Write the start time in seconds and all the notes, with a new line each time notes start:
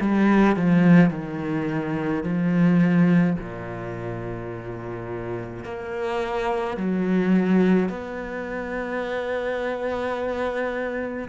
0.00 G3
0.56 F3
1.10 D#3
2.23 F3
3.39 A#2
5.64 A#3
6.77 F#3
7.89 B3